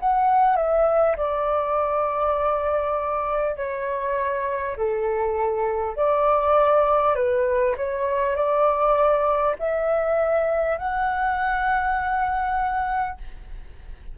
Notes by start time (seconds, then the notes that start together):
0.00 F#5
0.57 E5
1.17 D5
3.57 C#5
4.77 A4
5.97 D5
7.16 B4
7.77 C#5
8.36 D5
9.59 E5
10.78 F#5